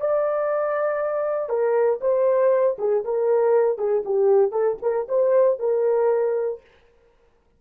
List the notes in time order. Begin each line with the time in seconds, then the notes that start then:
0.00 D5
1.49 A#4
2.00 C5
2.78 G#4
3.04 A#4
3.77 G#4
4.05 G4
4.51 A4
4.82 A#4
5.08 C5
5.59 A#4